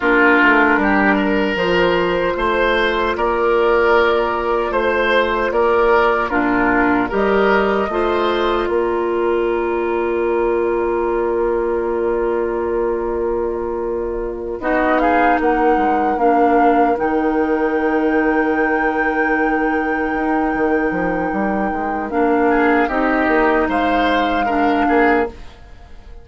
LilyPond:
<<
  \new Staff \with { instrumentName = "flute" } { \time 4/4 \tempo 4 = 76 ais'2 c''2 | d''2 c''4 d''4 | ais'4 dis''2 d''4~ | d''1~ |
d''2~ d''8 dis''8 f''8 fis''8~ | fis''8 f''4 g''2~ g''8~ | g''1 | f''4 dis''4 f''2 | }
  \new Staff \with { instrumentName = "oboe" } { \time 4/4 f'4 g'8 ais'4. c''4 | ais'2 c''4 ais'4 | f'4 ais'4 c''4 ais'4~ | ais'1~ |
ais'2~ ais'8 fis'8 gis'8 ais'8~ | ais'1~ | ais'1~ | ais'8 gis'8 g'4 c''4 ais'8 gis'8 | }
  \new Staff \with { instrumentName = "clarinet" } { \time 4/4 d'2 f'2~ | f'1 | d'4 g'4 f'2~ | f'1~ |
f'2~ f'8 dis'4.~ | dis'8 d'4 dis'2~ dis'8~ | dis'1 | d'4 dis'2 d'4 | }
  \new Staff \with { instrumentName = "bassoon" } { \time 4/4 ais8 a8 g4 f4 a4 | ais2 a4 ais4 | ais,4 g4 a4 ais4~ | ais1~ |
ais2~ ais8 b4 ais8 | gis8 ais4 dis2~ dis8~ | dis4. dis'8 dis8 f8 g8 gis8 | ais4 c'8 ais8 gis4. ais8 | }
>>